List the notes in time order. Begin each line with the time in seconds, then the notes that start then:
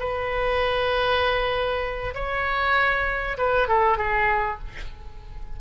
0.00 B4
2.15 C#5
3.38 B4
3.68 A4
3.98 G#4